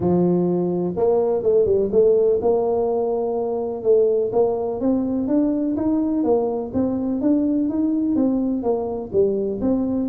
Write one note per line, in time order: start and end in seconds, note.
0.00 0.94 F3
0.96 1.43 A#3
1.43 1.65 A3
1.65 1.89 G3
1.91 2.39 A3
2.41 3.83 A#3
3.83 4.31 A3
4.32 4.80 A#3
4.80 5.27 C4
5.27 5.75 D4
5.76 6.23 D#4
6.23 6.71 A#3
6.73 7.21 C4
7.21 7.69 D4
7.69 8.15 D#4
8.15 8.62 C4
8.62 9.10 A#3
9.12 9.60 G3
9.61 10.09 C4